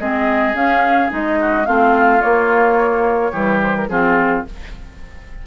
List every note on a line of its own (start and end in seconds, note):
0.00 0.54 G#3
0.00 0.55 C4
0.00 1.39 G#4
0.00 0.56 D#5
0.54 1.09 C#4
0.54 1.10 C#4
0.54 1.12 F5
1.10 1.67 G#3
1.10 1.65 D#4
1.10 1.66 D#5
1.41 1.67 F#4
1.66 2.22 A3
1.66 2.20 C4
1.66 3.32 F4
1.66 2.21 F5
2.20 3.32 A#3
2.20 3.33 A#3
2.20 3.60 C#5
3.32 3.88 E3
3.32 3.89 G3
3.32 3.88 G4
3.63 3.77 C5
3.77 3.89 A#4
3.88 4.44 F3
3.88 4.46 C4
3.88 4.47 F4
3.88 4.45 G#4